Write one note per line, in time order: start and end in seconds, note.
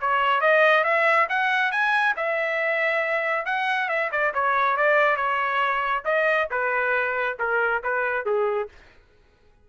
0.00 0.41 C#5
0.41 0.84 D#5
0.84 1.27 E5
1.29 1.71 F#5
1.71 2.15 G#5
2.16 3.45 E5
3.45 3.88 F#5
3.88 4.10 E5
4.11 4.33 D5
4.34 4.76 C#5
4.76 5.16 D5
5.16 6.03 C#5
6.05 6.48 D#5
6.50 7.37 B4
7.39 7.82 A#4
7.83 8.25 B4
8.25 8.69 G#4